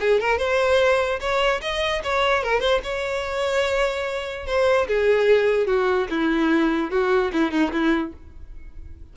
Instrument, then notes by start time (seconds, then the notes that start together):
violin
0.00 G#4
0.20 A#4
0.38 C5
1.20 C#5
1.61 D#5
2.03 C#5
2.43 A#4
2.60 C5
2.83 C#5
4.46 C5
4.88 G#4
5.67 F#4
6.10 E4
6.91 F#4
7.32 E4
7.51 D#4
7.72 E4